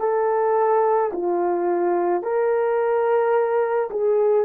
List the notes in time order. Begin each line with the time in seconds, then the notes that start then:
0.00 A4
1.13 F4
2.23 A#4
3.90 G#4